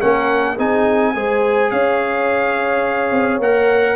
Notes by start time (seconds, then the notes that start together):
0.00 A#3 C#4 A#4 F#5
0.56 C4 D#4 G#4 G#5
1.15 G#3 G#4 C5
1.71 C#4 C#5 F5
3.12 C4
3.39 A#3 A#4 F#5